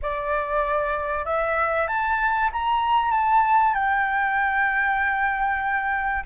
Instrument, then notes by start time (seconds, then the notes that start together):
flute
0.02 D5
1.25 E5
1.87 A5
2.52 A#5
3.11 A5
3.74 G5